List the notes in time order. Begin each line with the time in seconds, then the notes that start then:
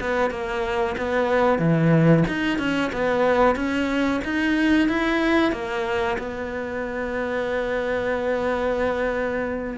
0.00 B3
0.30 A#3
0.98 B3
1.59 E3
2.28 D#4
2.58 C#4
2.92 B3
3.55 C#4
4.24 D#4
4.88 E4
5.52 A#3
6.18 B3